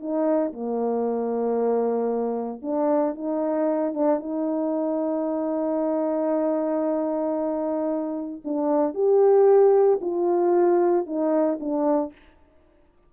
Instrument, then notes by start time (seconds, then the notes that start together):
horn
0.00 D#4
0.53 A#3
2.62 D4
3.15 D#4
3.94 D4
4.20 D#4
8.45 D4
8.94 G4
10.01 F4
11.06 D#4
11.60 D4